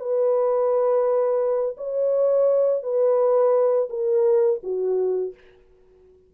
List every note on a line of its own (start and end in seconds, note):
0.00 1.76 B4
1.77 2.83 C#5
2.83 3.89 B4
3.90 4.61 A#4
4.64 5.34 F#4